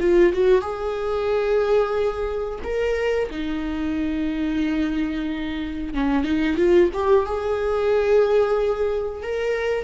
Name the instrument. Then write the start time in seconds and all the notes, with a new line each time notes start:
viola
0.00 F4
0.33 F#4
0.61 G#4
2.64 A#4
3.31 D#4
5.94 C#4
6.24 D#4
6.57 F4
6.93 G4
7.26 G#4
9.22 A#4